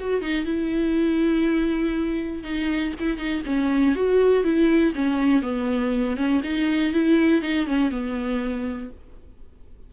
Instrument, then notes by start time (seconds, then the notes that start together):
viola
0.00 F#4
0.22 D#4
0.45 E4
2.44 D#4
3.00 E4
3.17 D#4
3.46 C#4
3.96 F#4
4.44 E4
4.95 C#4
5.43 B3
6.17 C#4
6.43 D#4
6.93 E4
7.42 D#4
7.67 C#4
7.91 B3